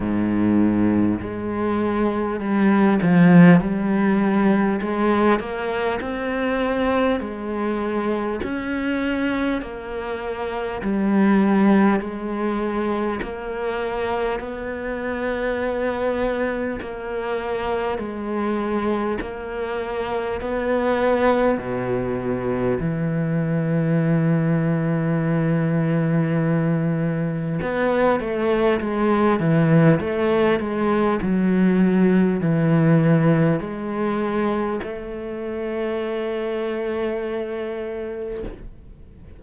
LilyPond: \new Staff \with { instrumentName = "cello" } { \time 4/4 \tempo 4 = 50 gis,4 gis4 g8 f8 g4 | gis8 ais8 c'4 gis4 cis'4 | ais4 g4 gis4 ais4 | b2 ais4 gis4 |
ais4 b4 b,4 e4~ | e2. b8 a8 | gis8 e8 a8 gis8 fis4 e4 | gis4 a2. | }